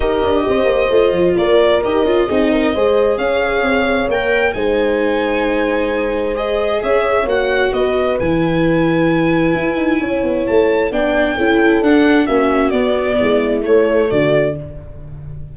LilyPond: <<
  \new Staff \with { instrumentName = "violin" } { \time 4/4 \tempo 4 = 132 dis''2. d''4 | dis''2. f''4~ | f''4 g''4 gis''2~ | gis''2 dis''4 e''4 |
fis''4 dis''4 gis''2~ | gis''2. a''4 | g''2 fis''4 e''4 | d''2 cis''4 d''4 | }
  \new Staff \with { instrumentName = "horn" } { \time 4/4 ais'4 c''2 ais'4~ | ais'4 gis'8 ais'8 c''4 cis''4~ | cis''2 c''2~ | c''2. cis''4~ |
cis''4 b'2.~ | b'2 cis''2 | d''4 a'2 fis'4~ | fis'4 e'2 fis'4 | }
  \new Staff \with { instrumentName = "viola" } { \time 4/4 g'2 f'2 | g'8 f'8 dis'4 gis'2~ | gis'4 ais'4 dis'2~ | dis'2 gis'2 |
fis'2 e'2~ | e'1 | d'4 e'4 d'4 cis'4 | b2 a2 | }
  \new Staff \with { instrumentName = "tuba" } { \time 4/4 dis'8 d'8 c'8 ais8 a8 f8 ais4 | dis'8 cis'8 c'4 gis4 cis'4 | c'4 ais4 gis2~ | gis2. cis'4 |
ais4 b4 e2~ | e4 e'8 dis'8 cis'8 b8 a4 | b4 cis'4 d'4 ais4 | b4 gis4 a4 d4 | }
>>